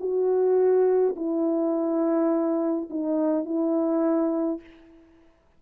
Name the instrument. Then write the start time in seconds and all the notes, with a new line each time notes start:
horn
0.00 F#4
1.16 E4
2.91 D#4
3.46 E4